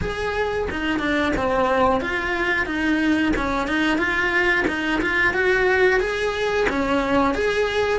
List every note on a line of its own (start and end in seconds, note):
0.02 0.68 G#4
0.70 0.99 D#4
0.99 1.32 D4
1.37 2.00 C4
2.00 2.65 F4
2.65 3.32 D#4
3.36 3.67 C#4
3.67 3.98 D#4
3.98 4.64 F4
4.67 5.01 D#4
5.01 5.33 F4
5.33 6.00 F#4
6.00 6.66 G#4
6.68 7.34 C#4
7.34 7.98 G#4